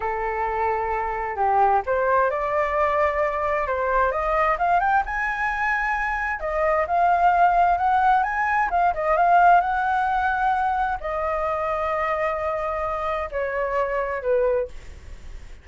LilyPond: \new Staff \with { instrumentName = "flute" } { \time 4/4 \tempo 4 = 131 a'2. g'4 | c''4 d''2. | c''4 dis''4 f''8 g''8 gis''4~ | gis''2 dis''4 f''4~ |
f''4 fis''4 gis''4 f''8 dis''8 | f''4 fis''2. | dis''1~ | dis''4 cis''2 b'4 | }